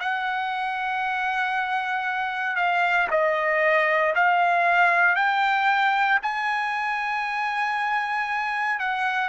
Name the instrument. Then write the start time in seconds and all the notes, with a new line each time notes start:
trumpet
0.00 F#5
2.56 F5
3.10 D#5
4.15 F5
5.15 G5
6.22 G#5
8.80 F#5